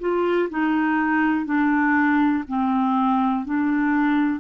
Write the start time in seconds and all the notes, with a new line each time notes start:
0.00 F4
0.50 D#4
1.46 D4
2.48 C4
3.46 D4